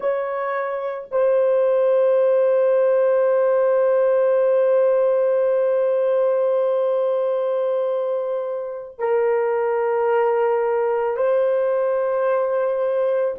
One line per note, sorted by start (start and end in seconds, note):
0.00 1.08 C#5
1.11 8.99 C5
8.99 11.16 A#4
11.16 13.34 C5